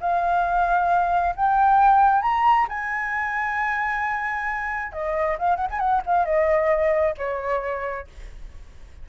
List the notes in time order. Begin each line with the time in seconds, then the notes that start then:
0.00 F5
1.36 G5
2.22 A#5
2.69 G#5
4.92 D#5
5.38 F5
5.56 F#5
5.70 G#5
5.79 F#5
6.06 F5
6.25 D#5
7.17 C#5